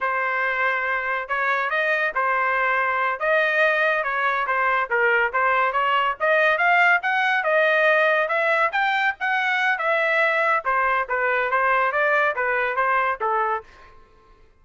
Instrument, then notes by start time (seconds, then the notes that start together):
trumpet
0.00 C5
1.28 C#5
1.69 D#5
2.15 C5
3.19 D#5
4.03 C#5
4.46 C5
4.89 A#4
5.32 C5
5.72 C#5
6.20 D#5
6.58 F5
7.02 F#5
7.43 D#5
8.28 E5
8.72 G5
9.20 F#5
9.78 E5
10.65 C5
11.09 B4
11.50 C5
11.92 D5
12.35 B4
12.75 C5
13.21 A4